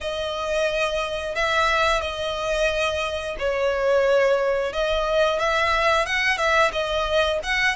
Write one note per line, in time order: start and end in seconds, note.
0.01 1.35 D#5
1.35 2.01 E5
2.01 3.36 D#5
3.38 4.72 C#5
4.72 5.39 D#5
5.39 6.06 E5
6.06 6.37 F#5
6.37 6.71 E5
6.72 7.39 D#5
7.43 7.76 F#5